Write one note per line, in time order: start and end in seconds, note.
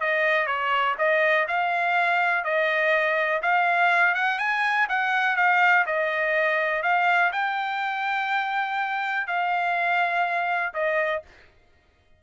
0.00 0.46 D#5
0.46 0.95 C#5
0.98 1.46 D#5
1.47 2.44 F5
2.44 3.41 D#5
3.42 4.14 F5
4.14 4.38 F#5
4.38 4.87 G#5
4.89 5.36 F#5
5.36 5.84 F5
5.86 6.82 D#5
6.82 7.31 F5
7.32 9.27 G5
9.27 10.73 F5
10.73 11.22 D#5